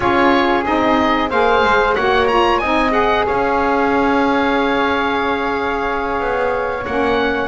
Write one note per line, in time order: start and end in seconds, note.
0.00 0.65 C#4
0.00 0.63 F4
0.00 1.30 G#4
0.00 0.64 C#5
0.65 1.31 C4
0.65 1.30 D#4
0.65 1.30 D#5
1.30 1.63 A#3
1.30 1.97 G#4
1.30 1.94 C5
1.30 1.95 F5
1.63 1.96 G#3
1.94 2.60 A#3
1.94 2.29 F#4
1.94 2.60 C#5
1.94 2.27 F#5
2.27 2.62 F4
2.27 2.58 A#5
2.58 3.25 C4
2.58 2.91 D#4
2.58 3.25 D#5
2.58 2.91 G#5
2.91 6.82 G#4
2.91 3.25 F#5
3.26 6.20 C#4
3.26 7.48 C#5
3.26 6.85 F5
6.20 6.85 B3
6.85 7.48 A#3
6.85 7.48 C#4
6.85 7.48 F#5